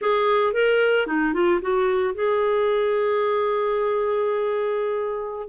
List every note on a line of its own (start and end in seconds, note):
0.01 0.53 G#4
0.53 1.06 A#4
1.07 1.33 D#4
1.33 1.60 F4
1.61 2.14 F#4
2.14 5.48 G#4